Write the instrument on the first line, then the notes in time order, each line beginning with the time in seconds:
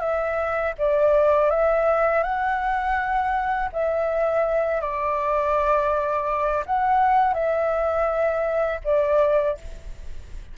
flute
0.00 E5
0.78 D5
1.50 E5
2.23 F#5
3.73 E5
4.81 D5
6.66 F#5
7.34 E5
8.84 D5